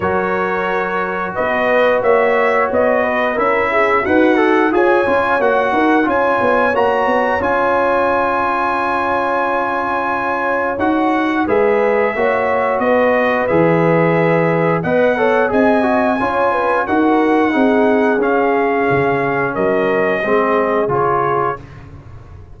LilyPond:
<<
  \new Staff \with { instrumentName = "trumpet" } { \time 4/4 \tempo 4 = 89 cis''2 dis''4 e''4 | dis''4 e''4 fis''4 gis''4 | fis''4 gis''4 ais''4 gis''4~ | gis''1 |
fis''4 e''2 dis''4 | e''2 fis''4 gis''4~ | gis''4 fis''2 f''4~ | f''4 dis''2 cis''4 | }
  \new Staff \with { instrumentName = "horn" } { \time 4/4 ais'2 b'4 cis''4~ | cis''8 b'8 ais'8 gis'8 fis'4 cis''4~ | cis''8 ais'8 cis''2.~ | cis''1~ |
cis''4 b'4 cis''4 b'4~ | b'2 dis''8 cis''8 dis''4 | cis''8 b'8 ais'4 gis'2~ | gis'4 ais'4 gis'2 | }
  \new Staff \with { instrumentName = "trombone" } { \time 4/4 fis'1~ | fis'4 e'4 b'8 a'8 gis'8 f'8 | fis'4 f'4 fis'4 f'4~ | f'1 |
fis'4 gis'4 fis'2 | gis'2 b'8 a'8 gis'8 fis'8 | f'4 fis'4 dis'4 cis'4~ | cis'2 c'4 f'4 | }
  \new Staff \with { instrumentName = "tuba" } { \time 4/4 fis2 b4 ais4 | b4 cis'4 dis'4 f'8 cis'8 | ais8 dis'8 cis'8 b8 ais8 b8 cis'4~ | cis'1 |
dis'4 gis4 ais4 b4 | e2 b4 c'4 | cis'4 dis'4 c'4 cis'4 | cis4 fis4 gis4 cis4 | }
>>